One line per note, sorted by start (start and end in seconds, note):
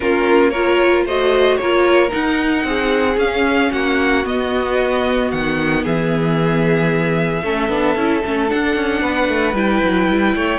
0.00 1.05 A#3
0.00 0.53 C#4
0.00 0.51 F4
0.00 0.50 A#4
0.50 1.07 F4
0.50 1.04 A#4
0.50 1.03 C#5
1.05 1.58 A3
1.05 1.61 F#4
1.05 1.58 C5
1.05 1.57 D#5
1.57 2.12 A#3
1.57 2.08 F4
1.57 2.67 A#4
1.57 2.10 C#5
2.08 3.14 D#4
2.08 2.64 D#4
2.08 3.18 F#5
2.64 3.17 C4
2.64 3.71 G#4
3.17 3.70 C#4
3.17 4.24 C#4
3.17 3.72 F5
3.71 4.25 A#3
3.71 5.83 F#4
3.71 4.25 F#5
4.24 7.42 B3
4.24 5.31 B3
4.24 5.31 D#5
5.31 5.85 D#3
5.31 5.84 F#5
5.83 7.42 E3
5.83 7.42 G#4
5.83 8.49 E5
7.42 7.68 A3
7.42 7.69 C#4
7.42 9.02 A4
7.68 7.95 B3
7.68 7.96 D4
7.95 8.22 C#4
7.95 8.23 E4
8.25 8.52 A3
8.25 8.48 C#4
8.48 9.54 D4
8.48 8.76 D4
8.48 9.56 F#5
8.76 9.01 C#4
9.01 9.28 B3
9.01 10.34 B4
9.28 9.53 A3
9.53 9.80 G3
9.53 10.59 E4
9.53 10.59 G5
9.83 10.08 F#3
10.08 10.34 G3
10.35 10.59 A3
10.35 10.59 C#5